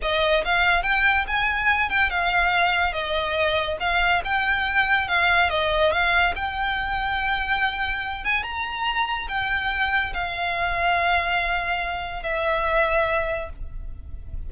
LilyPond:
\new Staff \with { instrumentName = "violin" } { \time 4/4 \tempo 4 = 142 dis''4 f''4 g''4 gis''4~ | gis''8 g''8 f''2 dis''4~ | dis''4 f''4 g''2 | f''4 dis''4 f''4 g''4~ |
g''2.~ g''8 gis''8 | ais''2 g''2 | f''1~ | f''4 e''2. | }